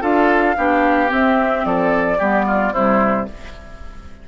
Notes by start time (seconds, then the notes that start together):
0.00 D4 F4 A4 F5
0.56 B3 D4 G4
1.07 C4 E5
1.65 F3 A4 D5
2.18 G3 B3 G4
2.46 F4
2.72 C3 G3 E4 C5